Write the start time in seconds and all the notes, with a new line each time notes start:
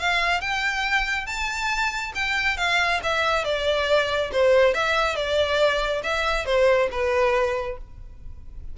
0.00 F5
0.41 G5
1.27 A5
2.15 G5
2.57 F5
3.03 E5
3.45 D5
4.32 C5
4.74 E5
5.16 D5
6.03 E5
6.46 C5
6.92 B4